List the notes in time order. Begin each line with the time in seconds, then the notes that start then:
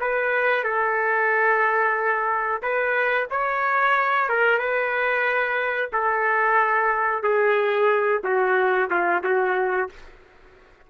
0.00 B4
0.64 A4
2.62 B4
3.30 C#5
4.29 A#4
4.58 B4
5.92 A4
7.23 G#4
8.23 F#4
8.90 F4
9.23 F#4